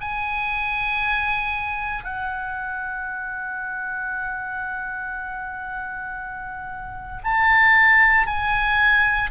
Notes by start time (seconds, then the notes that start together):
0.00 G#5
2.04 F#5
7.23 A5
8.27 G#5